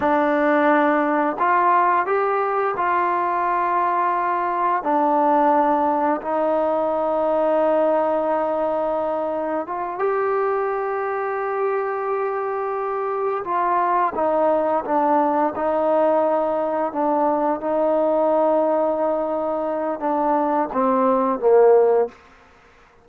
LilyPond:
\new Staff \with { instrumentName = "trombone" } { \time 4/4 \tempo 4 = 87 d'2 f'4 g'4 | f'2. d'4~ | d'4 dis'2.~ | dis'2 f'8 g'4.~ |
g'2.~ g'8 f'8~ | f'8 dis'4 d'4 dis'4.~ | dis'8 d'4 dis'2~ dis'8~ | dis'4 d'4 c'4 ais4 | }